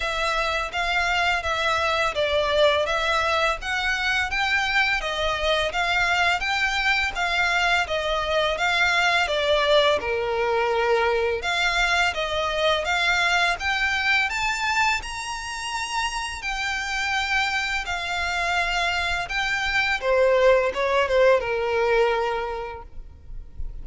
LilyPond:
\new Staff \with { instrumentName = "violin" } { \time 4/4 \tempo 4 = 84 e''4 f''4 e''4 d''4 | e''4 fis''4 g''4 dis''4 | f''4 g''4 f''4 dis''4 | f''4 d''4 ais'2 |
f''4 dis''4 f''4 g''4 | a''4 ais''2 g''4~ | g''4 f''2 g''4 | c''4 cis''8 c''8 ais'2 | }